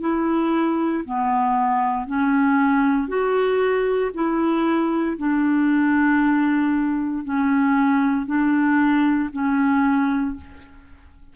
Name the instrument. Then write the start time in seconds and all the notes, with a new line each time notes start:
clarinet
0.00 E4
1.04 B3
2.06 C#4
3.08 F#4
4.14 E4
5.17 D4
7.24 C#4
8.26 D4
9.32 C#4